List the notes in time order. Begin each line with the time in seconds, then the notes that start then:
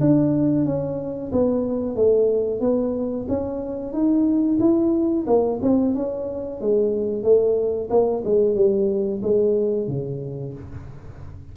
0.00 D4
0.65 C#4
1.32 B3
1.95 A3
2.60 B3
3.28 C#4
3.92 D#4
4.59 E4
5.27 A#3
5.62 C4
5.94 C#4
6.61 G#3
7.23 A3
7.90 A#3
8.24 G#3
8.55 G3
9.22 G#3
9.87 C#3